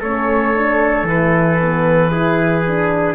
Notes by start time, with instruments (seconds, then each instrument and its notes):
0.00 double bass A3, horn C#4, trumpet A4, oboe C#5
0.54 horn D4
1.02 double bass E3, horn E4, oboe B4
1.61 horn B3
2.11 horn E4, trumpet G#4
2.66 horn D4